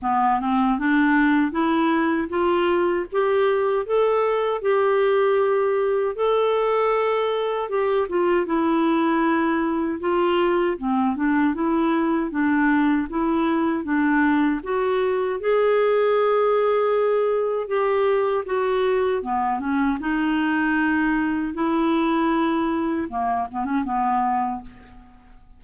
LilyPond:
\new Staff \with { instrumentName = "clarinet" } { \time 4/4 \tempo 4 = 78 b8 c'8 d'4 e'4 f'4 | g'4 a'4 g'2 | a'2 g'8 f'8 e'4~ | e'4 f'4 c'8 d'8 e'4 |
d'4 e'4 d'4 fis'4 | gis'2. g'4 | fis'4 b8 cis'8 dis'2 | e'2 ais8 b16 cis'16 b4 | }